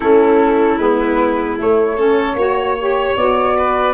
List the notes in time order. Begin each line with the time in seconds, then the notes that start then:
0.00 A3 C#4 E4 A4
0.77 G#3 B3 B4
1.58 A3 C#5
1.96 C#4 A4
2.34 A#3 F#4 C#5
2.79 G4
3.16 B3 F#4 D5
3.58 B4